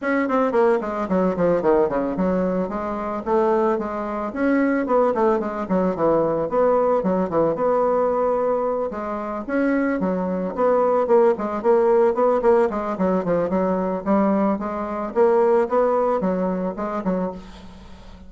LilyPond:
\new Staff \with { instrumentName = "bassoon" } { \time 4/4 \tempo 4 = 111 cis'8 c'8 ais8 gis8 fis8 f8 dis8 cis8 | fis4 gis4 a4 gis4 | cis'4 b8 a8 gis8 fis8 e4 | b4 fis8 e8 b2~ |
b8 gis4 cis'4 fis4 b8~ | b8 ais8 gis8 ais4 b8 ais8 gis8 | fis8 f8 fis4 g4 gis4 | ais4 b4 fis4 gis8 fis8 | }